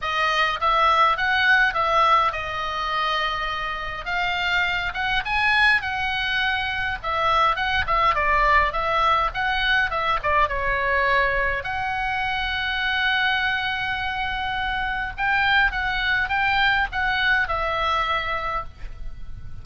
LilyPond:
\new Staff \with { instrumentName = "oboe" } { \time 4/4 \tempo 4 = 103 dis''4 e''4 fis''4 e''4 | dis''2. f''4~ | f''8 fis''8 gis''4 fis''2 | e''4 fis''8 e''8 d''4 e''4 |
fis''4 e''8 d''8 cis''2 | fis''1~ | fis''2 g''4 fis''4 | g''4 fis''4 e''2 | }